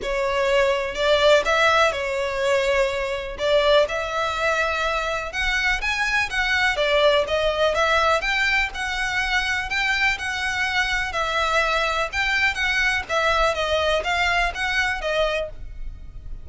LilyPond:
\new Staff \with { instrumentName = "violin" } { \time 4/4 \tempo 4 = 124 cis''2 d''4 e''4 | cis''2. d''4 | e''2. fis''4 | gis''4 fis''4 d''4 dis''4 |
e''4 g''4 fis''2 | g''4 fis''2 e''4~ | e''4 g''4 fis''4 e''4 | dis''4 f''4 fis''4 dis''4 | }